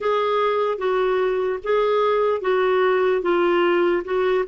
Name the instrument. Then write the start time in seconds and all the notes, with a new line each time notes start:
clarinet
0.00 G#4
0.77 F#4
1.63 G#4
2.41 F#4
3.22 F4
4.04 F#4